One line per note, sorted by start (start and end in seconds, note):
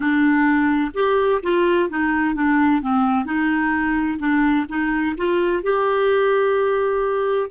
0.00 0.91 D4
0.94 1.41 G4
1.42 1.89 F4
1.89 2.34 D#4
2.34 2.81 D4
2.81 3.25 C4
3.25 4.18 D#4
4.18 4.65 D4
4.68 5.15 D#4
5.17 5.62 F4
5.62 7.50 G4